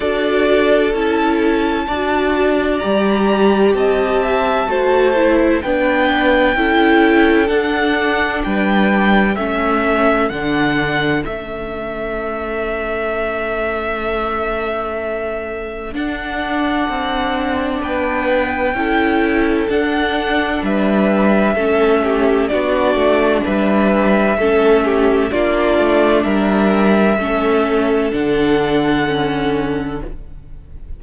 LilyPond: <<
  \new Staff \with { instrumentName = "violin" } { \time 4/4 \tempo 4 = 64 d''4 a''2 ais''4 | a''2 g''2 | fis''4 g''4 e''4 fis''4 | e''1~ |
e''4 fis''2 g''4~ | g''4 fis''4 e''2 | d''4 e''2 d''4 | e''2 fis''2 | }
  \new Staff \with { instrumentName = "violin" } { \time 4/4 a'2 d''2 | dis''8 e''8 c''4 b'4 a'4~ | a'4 b'4 a'2~ | a'1~ |
a'2. b'4 | a'2 b'4 a'8 g'8 | fis'4 b'4 a'8 g'8 f'4 | ais'4 a'2. | }
  \new Staff \with { instrumentName = "viola" } { \time 4/4 fis'4 e'4 fis'4 g'4~ | g'4 fis'8 e'8 d'4 e'4 | d'2 cis'4 d'4 | cis'1~ |
cis'4 d'2. | e'4 d'2 cis'4 | d'2 cis'4 d'4~ | d'4 cis'4 d'4 cis'4 | }
  \new Staff \with { instrumentName = "cello" } { \time 4/4 d'4 cis'4 d'4 g4 | c'4 a4 b4 cis'4 | d'4 g4 a4 d4 | a1~ |
a4 d'4 c'4 b4 | cis'4 d'4 g4 a4 | b8 a8 g4 a4 ais8 a8 | g4 a4 d2 | }
>>